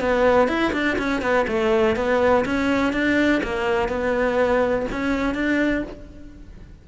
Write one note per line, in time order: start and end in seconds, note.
0.00 0.48 B3
0.48 0.72 E4
0.73 0.97 D4
0.98 1.22 C#4
1.22 1.46 B3
1.48 1.96 A3
1.96 2.45 B3
2.45 2.93 C#4
2.93 3.42 D4
3.43 3.88 A#3
3.88 4.86 B3
4.92 5.35 C#4
5.35 5.83 D4